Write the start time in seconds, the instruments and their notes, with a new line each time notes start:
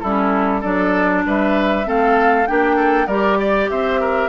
0.00 bassoon G3, clarinet C#4, oboe E4, flute A4
0.61 bassoon F#3, clarinet D4, oboe A4, flute D5
1.26 bassoon G3, oboe B4, flute E5
1.84 bassoon A3, clarinet C4, oboe A4, flute F5
2.47 bassoon A#3, clarinet D4, oboe G4, flute G5
2.76 oboe A4
3.07 bassoon G3, clarinet G4, oboe A#4, flute D5
3.40 oboe D5
3.70 bassoon C4, oboe C5, flute E5
4.00 oboe A#4